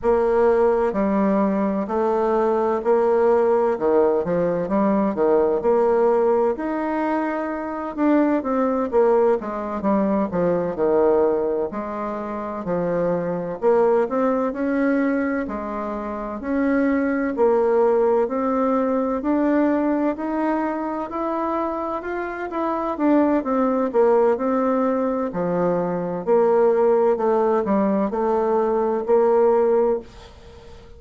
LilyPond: \new Staff \with { instrumentName = "bassoon" } { \time 4/4 \tempo 4 = 64 ais4 g4 a4 ais4 | dis8 f8 g8 dis8 ais4 dis'4~ | dis'8 d'8 c'8 ais8 gis8 g8 f8 dis8~ | dis8 gis4 f4 ais8 c'8 cis'8~ |
cis'8 gis4 cis'4 ais4 c'8~ | c'8 d'4 dis'4 e'4 f'8 | e'8 d'8 c'8 ais8 c'4 f4 | ais4 a8 g8 a4 ais4 | }